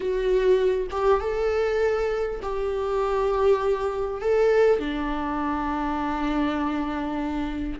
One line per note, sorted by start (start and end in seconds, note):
0.00 0.87 F#4
0.90 1.20 G4
1.20 2.40 A4
2.42 4.21 G4
4.21 4.79 A4
4.79 7.79 D4